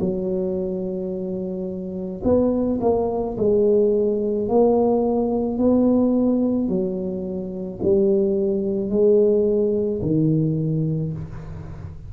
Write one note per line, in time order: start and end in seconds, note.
0.00 2.22 F#3
2.24 2.79 B3
2.81 3.36 A#3
3.37 4.48 G#3
4.48 5.58 A#3
5.58 6.68 B3
6.68 7.79 F#3
7.83 8.90 G3
8.90 10.01 G#3
10.02 11.13 D#3